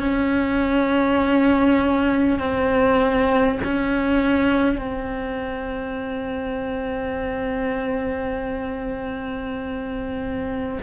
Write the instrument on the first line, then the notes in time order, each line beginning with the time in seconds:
cello
0.00 C#4
2.39 C4
3.64 C#4
4.79 C4